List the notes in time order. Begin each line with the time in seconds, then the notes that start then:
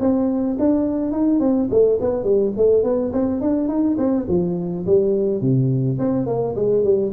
0.00 C4
0.59 D4
1.12 D#4
1.40 C4
1.70 A3
2.01 B3
2.24 G3
2.57 A3
2.84 B3
3.13 C4
3.41 D4
3.68 D#4
3.98 C4
4.29 F3
4.86 G3
5.41 C3
5.99 C4
6.26 A#3
6.55 G#3
6.84 G3